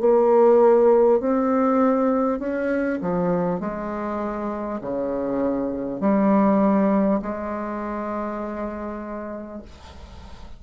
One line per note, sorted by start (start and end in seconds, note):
0.00 1.20 A#3
1.20 2.39 C4
2.39 2.99 C#4
3.01 3.60 F3
3.60 4.80 G#3
4.81 6.01 C#3
6.01 7.21 G3
7.22 9.62 G#3